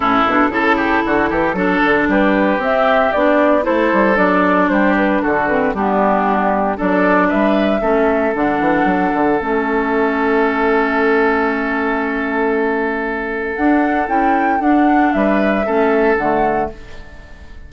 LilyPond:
<<
  \new Staff \with { instrumentName = "flute" } { \time 4/4 \tempo 4 = 115 a'1 | b'4 e''4 d''4 c''4 | d''4 c''8 b'8 a'8 b'8 g'4~ | g'4 d''4 e''2 |
fis''2 e''2~ | e''1~ | e''2 fis''4 g''4 | fis''4 e''2 fis''4 | }
  \new Staff \with { instrumentName = "oboe" } { \time 4/4 e'4 a'8 g'8 fis'8 g'8 a'4 | g'2. a'4~ | a'4 g'4 fis'4 d'4~ | d'4 a'4 b'4 a'4~ |
a'1~ | a'1~ | a'1~ | a'4 b'4 a'2 | }
  \new Staff \with { instrumentName = "clarinet" } { \time 4/4 cis'8 d'8 e'2 d'4~ | d'4 c'4 d'4 e'4 | d'2~ d'8 c'8 b4~ | b4 d'2 cis'4 |
d'2 cis'2~ | cis'1~ | cis'2 d'4 e'4 | d'2 cis'4 a4 | }
  \new Staff \with { instrumentName = "bassoon" } { \time 4/4 a,8 b,8 cis4 d8 e8 fis8 d8 | g4 c'4 b4 a8 g8 | fis4 g4 d4 g4~ | g4 fis4 g4 a4 |
d8 e8 fis8 d8 a2~ | a1~ | a2 d'4 cis'4 | d'4 g4 a4 d4 | }
>>